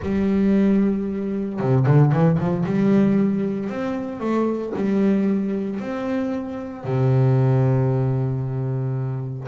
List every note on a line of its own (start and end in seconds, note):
0.01 1.59 G3
1.59 1.85 C3
1.86 2.11 D3
2.11 2.38 E3
2.38 2.65 F3
2.65 3.69 G3
3.69 4.20 C4
4.20 4.72 A3
4.75 5.80 G3
5.80 6.84 C4
6.84 9.47 C3